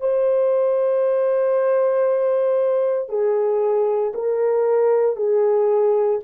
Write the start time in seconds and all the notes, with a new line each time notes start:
0.00 C5
3.09 G#4
4.14 A#4
5.16 G#4